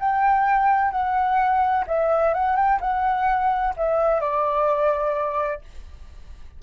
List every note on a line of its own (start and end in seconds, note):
0.00 0.91 G5
0.91 1.85 F#5
1.87 2.34 E5
2.34 2.57 F#5
2.57 2.80 G5
2.81 3.75 F#5
3.77 4.21 E5
4.21 5.62 D5